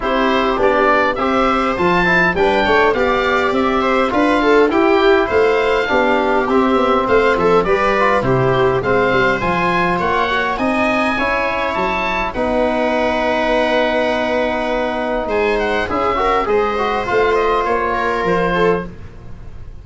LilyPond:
<<
  \new Staff \with { instrumentName = "oboe" } { \time 4/4 \tempo 4 = 102 c''4 d''4 e''4 a''4 | g''4 f''4 e''4 f''4 | g''4 f''2 e''4 | f''8 e''8 d''4 c''4 f''4 |
gis''4 fis''4 gis''2 | a''4 fis''2.~ | fis''2 gis''8 fis''8 e''4 | dis''4 f''8 dis''8 cis''4 c''4 | }
  \new Staff \with { instrumentName = "viola" } { \time 4/4 g'2 c''2 | b'8 cis''8 d''4. c''8 b'8 a'8 | g'4 c''4 g'2 | c''8 a'8 b'4 g'4 c''4~ |
c''4 cis''4 dis''4 cis''4~ | cis''4 b'2.~ | b'2 c''4 gis'8 ais'8 | c''2~ c''8 ais'4 a'8 | }
  \new Staff \with { instrumentName = "trombone" } { \time 4/4 e'4 d'4 g'4 f'8 e'8 | d'4 g'2 f'4 | e'2 d'4 c'4~ | c'4 g'8 f'8 e'4 c'4 |
f'4. fis'8 dis'4 e'4~ | e'4 dis'2.~ | dis'2. e'8 fis'8 | gis'8 fis'8 f'2. | }
  \new Staff \with { instrumentName = "tuba" } { \time 4/4 c'4 b4 c'4 f4 | g8 a8 b4 c'4 d'4 | e'4 a4 b4 c'8 b8 | a8 f8 g4 c4 gis8 g8 |
f4 ais4 c'4 cis'4 | fis4 b2.~ | b2 gis4 cis'4 | gis4 a4 ais4 f4 | }
>>